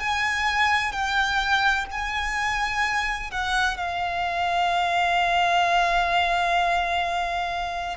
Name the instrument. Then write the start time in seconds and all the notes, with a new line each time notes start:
violin
0.00 G#5
0.92 G5
1.91 G#5
3.31 F#5
3.78 F5